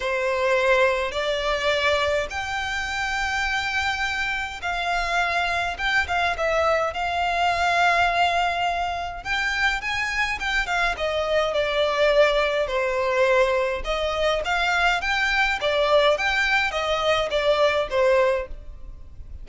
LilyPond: \new Staff \with { instrumentName = "violin" } { \time 4/4 \tempo 4 = 104 c''2 d''2 | g''1 | f''2 g''8 f''8 e''4 | f''1 |
g''4 gis''4 g''8 f''8 dis''4 | d''2 c''2 | dis''4 f''4 g''4 d''4 | g''4 dis''4 d''4 c''4 | }